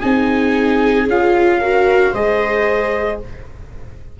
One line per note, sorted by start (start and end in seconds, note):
0.00 1.06 C4
0.00 1.07 D#4
0.00 1.58 G#4
0.00 1.07 G#5
1.06 2.12 C#4
1.06 1.62 F4
1.06 2.15 F5
1.61 2.14 F#4
1.61 2.11 A#4
2.11 3.19 G#3
2.11 3.20 G#4
2.11 3.17 C5
2.11 3.20 D#5